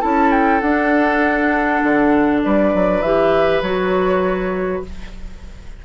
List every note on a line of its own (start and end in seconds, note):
0.00 0.61 C#4
0.00 0.60 E4
0.00 2.40 A4
0.00 0.31 A5
0.31 0.61 G5
0.61 1.81 D4
0.61 3.03 D4
0.61 2.41 F#5
1.83 2.43 D3
2.43 2.74 G3
2.43 4.84 B4
2.43 3.02 D5
2.74 3.01 F#3
3.01 3.61 E3
3.01 3.64 G4
3.01 3.62 E5
3.61 4.81 F#3
3.61 4.84 F#4
3.61 4.82 C#5